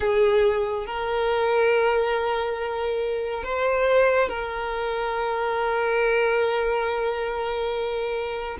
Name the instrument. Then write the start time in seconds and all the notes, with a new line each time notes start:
violin
0.00 G#4
0.86 A#4
3.43 C5
4.29 A#4